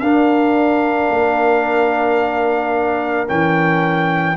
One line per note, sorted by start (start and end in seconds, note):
0.00 1.10 D4
0.00 3.27 D4
0.00 4.37 A#4
0.00 3.27 F5
1.10 3.29 A#3
3.27 4.37 E3
3.27 4.36 C#4
3.27 4.37 G5